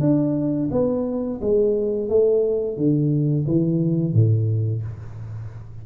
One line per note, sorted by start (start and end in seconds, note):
0.00 0.69 D4
0.71 1.40 B3
1.41 2.09 G#3
2.09 2.76 A3
2.76 3.45 D3
3.47 4.13 E3
4.13 4.82 A2